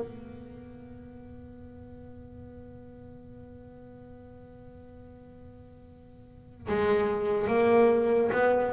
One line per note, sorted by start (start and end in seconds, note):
0.00 6.67 B3
6.69 7.47 G#3
7.47 8.31 A#3
8.32 8.73 B3